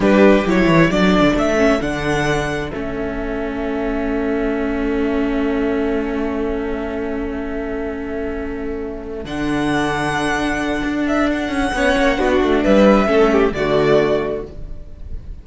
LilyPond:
<<
  \new Staff \with { instrumentName = "violin" } { \time 4/4 \tempo 4 = 133 b'4 cis''4 d''4 e''4 | fis''2 e''2~ | e''1~ | e''1~ |
e''1~ | e''8 fis''2.~ fis''8~ | fis''8 e''8 fis''2. | e''2 d''2 | }
  \new Staff \with { instrumentName = "violin" } { \time 4/4 g'2 a'2~ | a'1~ | a'1~ | a'1~ |
a'1~ | a'1~ | a'2 cis''4 fis'4 | b'4 a'8 g'8 fis'2 | }
  \new Staff \with { instrumentName = "viola" } { \time 4/4 d'4 e'4 d'4. cis'8 | d'2 cis'2~ | cis'1~ | cis'1~ |
cis'1~ | cis'8 d'2.~ d'8~ | d'2 cis'4 d'4~ | d'4 cis'4 a2 | }
  \new Staff \with { instrumentName = "cello" } { \time 4/4 g4 fis8 e8 fis8. d16 a4 | d2 a2~ | a1~ | a1~ |
a1~ | a8 d2.~ d8 | d'4. cis'8 b8 ais8 b8 a8 | g4 a4 d2 | }
>>